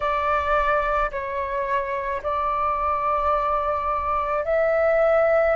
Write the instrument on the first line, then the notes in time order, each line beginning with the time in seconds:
flute
0.00 D5
1.11 C#5
2.22 D5
4.44 E5